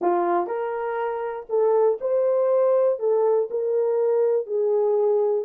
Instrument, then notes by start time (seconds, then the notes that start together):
horn
0.01 F4
0.47 A#4
1.49 A4
2.00 C5
2.99 A4
3.50 A#4
4.46 G#4